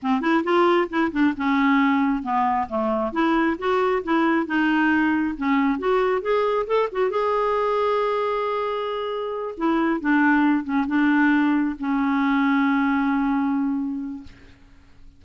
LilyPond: \new Staff \with { instrumentName = "clarinet" } { \time 4/4 \tempo 4 = 135 c'8 e'8 f'4 e'8 d'8 cis'4~ | cis'4 b4 a4 e'4 | fis'4 e'4 dis'2 | cis'4 fis'4 gis'4 a'8 fis'8 |
gis'1~ | gis'4. e'4 d'4. | cis'8 d'2 cis'4.~ | cis'1 | }